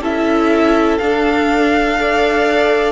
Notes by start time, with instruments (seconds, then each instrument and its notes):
0.00 cello C#4, viola E4, violin A4 E5
0.98 viola D4, cello D4, violin F5
1.97 viola A4, violin D5